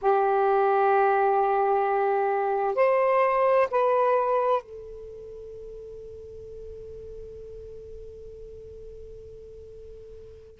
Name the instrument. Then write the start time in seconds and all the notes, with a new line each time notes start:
saxophone
0.01 G4
2.75 C5
3.70 B4
4.62 A4